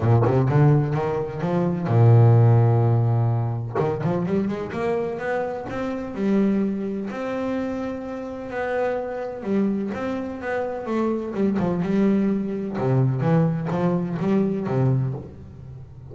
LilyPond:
\new Staff \with { instrumentName = "double bass" } { \time 4/4 \tempo 4 = 127 ais,8 c8 d4 dis4 f4 | ais,1 | dis8 f8 g8 gis8 ais4 b4 | c'4 g2 c'4~ |
c'2 b2 | g4 c'4 b4 a4 | g8 f8 g2 c4 | e4 f4 g4 c4 | }